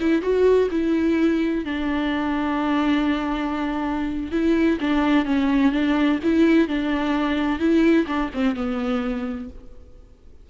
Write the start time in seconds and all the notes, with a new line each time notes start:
0.00 E4
0.22 F#4
0.71 E4
1.65 D4
4.32 E4
4.80 D4
5.25 C#4
5.72 D4
6.23 E4
6.68 D4
7.59 E4
8.07 D4
8.34 C4
8.56 B3